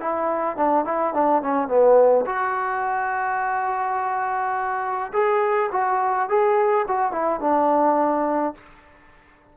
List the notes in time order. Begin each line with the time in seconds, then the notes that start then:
0.00 E4
0.56 D4
0.85 E4
1.14 D4
1.42 C#4
1.68 B3
2.26 F#4
5.13 G#4
5.72 F#4
6.29 G#4
6.88 F#4
7.12 E4
7.40 D4